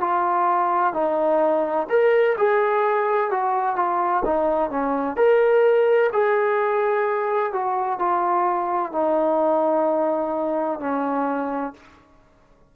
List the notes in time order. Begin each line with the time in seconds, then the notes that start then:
0.00 F4
0.93 D#4
1.89 A#4
2.38 G#4
3.30 F#4
3.76 F4
4.25 D#4
4.70 C#4
5.16 A#4
6.12 G#4
7.53 F#4
7.99 F4
8.92 D#4
10.79 C#4